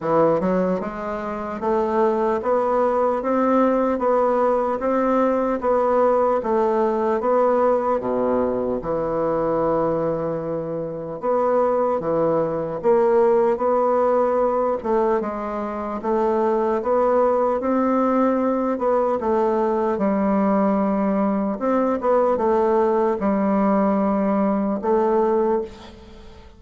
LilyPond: \new Staff \with { instrumentName = "bassoon" } { \time 4/4 \tempo 4 = 75 e8 fis8 gis4 a4 b4 | c'4 b4 c'4 b4 | a4 b4 b,4 e4~ | e2 b4 e4 |
ais4 b4. a8 gis4 | a4 b4 c'4. b8 | a4 g2 c'8 b8 | a4 g2 a4 | }